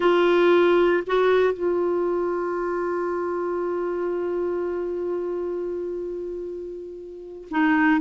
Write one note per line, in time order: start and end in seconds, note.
0.00 1.03 F4
1.06 1.53 F#4
1.53 7.48 F4
7.50 8.00 D#4